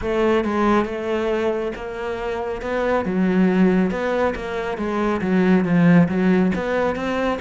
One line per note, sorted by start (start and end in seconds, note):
0.01 0.44 A3
0.44 0.85 G#3
0.85 1.72 A3
1.75 2.61 A#3
2.61 3.05 B3
3.05 3.90 F#3
3.90 4.34 B3
4.35 4.77 A#3
4.77 5.21 G#3
5.21 5.64 F#3
5.64 6.08 F3
6.08 6.51 F#3
6.55 6.95 B3
6.95 7.39 C4